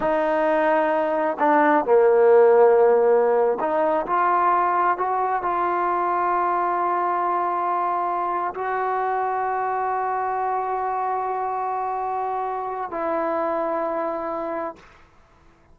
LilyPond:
\new Staff \with { instrumentName = "trombone" } { \time 4/4 \tempo 4 = 130 dis'2. d'4 | ais2.~ ais8. dis'16~ | dis'8. f'2 fis'4 f'16~ | f'1~ |
f'2~ f'8 fis'4.~ | fis'1~ | fis'1 | e'1 | }